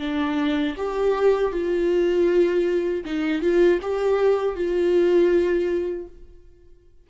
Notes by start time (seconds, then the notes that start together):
0.00 D4
0.78 G4
1.53 F4
3.06 D#4
3.42 F4
3.83 G4
4.56 F4